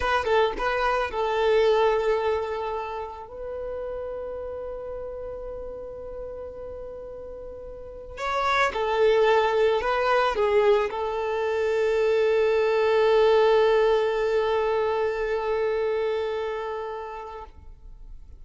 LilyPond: \new Staff \with { instrumentName = "violin" } { \time 4/4 \tempo 4 = 110 b'8 a'8 b'4 a'2~ | a'2 b'2~ | b'1~ | b'2. cis''4 |
a'2 b'4 gis'4 | a'1~ | a'1~ | a'1 | }